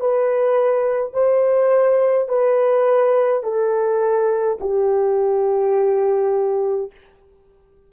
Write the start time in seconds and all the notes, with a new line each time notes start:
0.00 B4
1.13 C5
2.29 B4
3.43 A4
4.60 G4